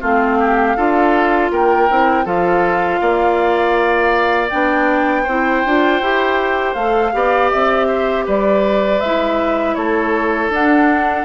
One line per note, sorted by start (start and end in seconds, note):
0.00 0.76 A3
0.00 0.76 C4
0.00 0.38 F4
0.00 1.50 F5
0.39 0.76 G4
0.76 1.51 D4
0.76 1.89 F4
0.76 1.51 A4
1.51 1.88 A#3
1.51 2.25 A#4
1.51 2.27 G5
1.90 2.25 C4
1.90 2.24 E4
2.24 3.00 F3
2.24 4.49 F4
2.24 3.00 A4
2.24 4.49 F5
3.01 4.51 A#3
3.01 5.23 D5
4.49 5.27 B3
4.49 5.24 D4
4.49 6.74 G5
5.23 5.64 C4
5.23 5.66 E4
5.23 7.10 C5
5.65 6.00 D4
5.65 6.02 F4
6.00 6.75 E4
6.00 6.76 G4
6.74 7.12 A3
6.74 7.13 A4
6.74 7.49 F5
7.13 7.51 B3
7.13 9.00 G4
7.13 7.87 D5
7.50 8.27 C4
7.50 8.25 E5
7.87 8.24 C5
8.26 9.01 G3
8.26 9.76 B4
8.26 9.00 D5
9.00 9.76 G#3
9.00 10.51 E4
9.00 9.74 E5
9.74 10.49 A3
9.74 11.24 A4
9.74 10.49 C#5
10.49 11.24 D4
10.49 11.24 F#5